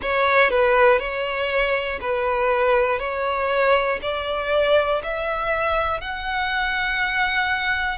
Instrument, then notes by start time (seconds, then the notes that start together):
violin
0.01 C#5
0.50 B4
0.99 C#5
2.00 B4
2.99 C#5
4.01 D5
5.03 E5
6.00 F#5